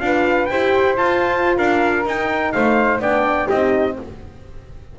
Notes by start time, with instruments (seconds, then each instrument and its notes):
0.00 double bass D4, horn F4, flute B4, trumpet F5
0.46 double bass E4, horn G4, flute C5, trumpet G5
0.96 horn F4, double bass F4, trumpet A5
1.57 double bass D4, flute A#4, trumpet F5
2.06 double bass D#4, horn D#4, trumpet G5
2.52 double bass A3, flute C5, trumpet F5
3.00 double bass B3, horn D4, flute D5, trumpet G5
3.48 double bass C4, horn D#4, flute G4, trumpet D#5